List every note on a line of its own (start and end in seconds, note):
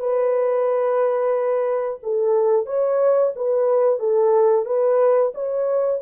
0.00 2.00 B4
2.03 2.66 A4
2.66 3.33 C#5
3.36 4.00 B4
4.00 4.66 A4
4.66 5.33 B4
5.35 6.02 C#5